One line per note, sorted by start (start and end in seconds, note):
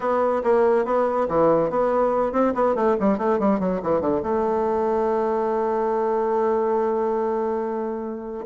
0.00 0.42 B3
0.43 0.85 A#3
0.85 1.27 B3
1.28 1.70 E3
1.70 2.32 B3
2.32 2.53 C4
2.54 2.75 B3
2.75 2.96 A3
3.00 3.17 G3
3.17 3.39 A3
3.39 3.59 G3
3.59 3.80 F#3
3.83 4.00 E3
4.00 4.21 D3
4.23 8.45 A3